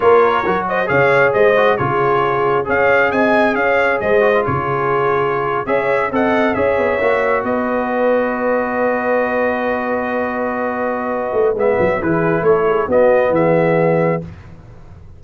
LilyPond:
<<
  \new Staff \with { instrumentName = "trumpet" } { \time 4/4 \tempo 4 = 135 cis''4. dis''8 f''4 dis''4 | cis''2 f''4 gis''4 | f''4 dis''4 cis''2~ | cis''8. e''4 fis''4 e''4~ e''16~ |
e''8. dis''2.~ dis''16~ | dis''1~ | dis''2 e''4 b'4 | cis''4 dis''4 e''2 | }
  \new Staff \with { instrumentName = "horn" } { \time 4/4 ais'4. c''8 cis''4 c''4 | gis'2 cis''4 dis''4 | cis''4 c''4 gis'2~ | gis'8. cis''4 dis''4 cis''4~ cis''16~ |
cis''8. b'2.~ b'16~ | b'1~ | b'2. gis'4 | a'8 gis'8 fis'4 gis'2 | }
  \new Staff \with { instrumentName = "trombone" } { \time 4/4 f'4 fis'4 gis'4. fis'8 | f'2 gis'2~ | gis'4. fis'16 f'2~ f'16~ | f'8. gis'4 a'4 gis'4 fis'16~ |
fis'1~ | fis'1~ | fis'2 b4 e'4~ | e'4 b2. | }
  \new Staff \with { instrumentName = "tuba" } { \time 4/4 ais4 fis4 cis4 gis4 | cis2 cis'4 c'4 | cis'4 gis4 cis2~ | cis8. cis'4 c'4 cis'8 b8 ais16~ |
ais8. b2.~ b16~ | b1~ | b4. a8 gis8 fis8 e4 | a4 b4 e2 | }
>>